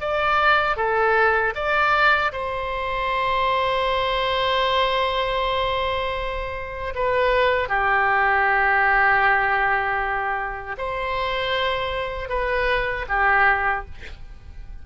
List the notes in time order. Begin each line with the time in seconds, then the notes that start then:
0.00 D5
0.77 A4
1.55 D5
2.32 C5
6.94 B4
7.68 G4
10.77 C5
12.29 B4
13.08 G4